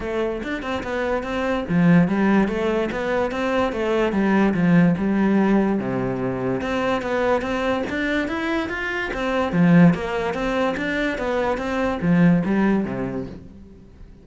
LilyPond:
\new Staff \with { instrumentName = "cello" } { \time 4/4 \tempo 4 = 145 a4 d'8 c'8 b4 c'4 | f4 g4 a4 b4 | c'4 a4 g4 f4 | g2 c2 |
c'4 b4 c'4 d'4 | e'4 f'4 c'4 f4 | ais4 c'4 d'4 b4 | c'4 f4 g4 c4 | }